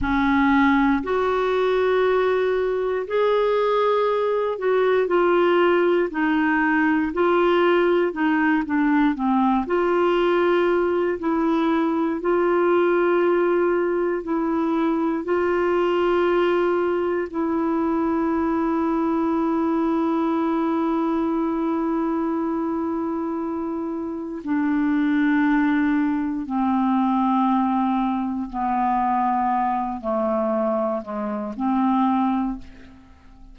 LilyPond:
\new Staff \with { instrumentName = "clarinet" } { \time 4/4 \tempo 4 = 59 cis'4 fis'2 gis'4~ | gis'8 fis'8 f'4 dis'4 f'4 | dis'8 d'8 c'8 f'4. e'4 | f'2 e'4 f'4~ |
f'4 e'2.~ | e'1 | d'2 c'2 | b4. a4 gis8 c'4 | }